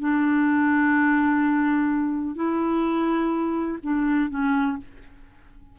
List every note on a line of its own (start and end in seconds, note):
0.00 2.36 D4
2.36 3.79 E4
3.83 4.30 D4
4.30 4.77 C#4